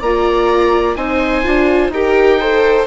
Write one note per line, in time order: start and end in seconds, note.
0.00 0.96 A#3
0.00 0.97 F4
0.00 0.95 D5
0.00 0.95 A#5
0.95 1.44 C4
0.95 1.44 D#4
0.95 1.92 C5
0.95 1.91 G#5
1.44 1.89 D4
1.44 1.92 F4
1.89 2.84 D#4
1.89 2.41 G4
1.89 2.41 A#4
1.89 2.87 G5
2.41 2.87 A4
2.41 2.87 C5